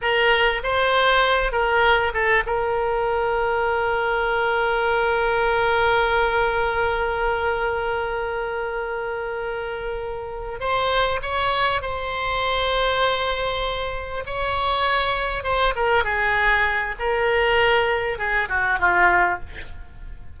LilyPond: \new Staff \with { instrumentName = "oboe" } { \time 4/4 \tempo 4 = 99 ais'4 c''4. ais'4 a'8 | ais'1~ | ais'1~ | ais'1~ |
ais'4. c''4 cis''4 c''8~ | c''2.~ c''8 cis''8~ | cis''4. c''8 ais'8 gis'4. | ais'2 gis'8 fis'8 f'4 | }